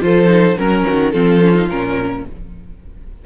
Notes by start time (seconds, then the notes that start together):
0.00 F3 F4 A4 C5
0.27 D#4
0.57 F#3 C#4 A#4
0.86 D#3 F#4
1.12 F3 C4 F4 A4
1.41 C#4
1.54 D#4
1.69 A#2 C#4 A#4